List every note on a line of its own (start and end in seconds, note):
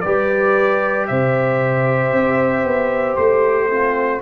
0.00 1.10 G3
0.00 3.71 G4
0.00 1.09 B4
0.00 1.05 D5
1.07 2.12 C3
1.07 3.68 C5
1.07 3.16 E5
2.12 2.64 C4
2.64 3.16 B3
3.16 4.22 A3
3.16 4.21 C5
3.68 4.21 C4
3.68 4.22 F4